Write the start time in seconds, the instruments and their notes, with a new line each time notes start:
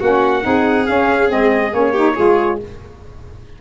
0.00 tuba A#3, saxophone C#4, violin F#4, trumpet F#5
0.42 tuba C4, saxophone D#4, violin G#4
0.86 saxophone C#4, tuba C#4, trumpet F5
1.28 tuba G#3, saxophone C4, trumpet D#5
1.72 tuba A#3, saxophone C#4, trumpet C#5
1.92 saxophone D#4, violin G4
2.15 tuba G#3, saxophone F4, violin G#4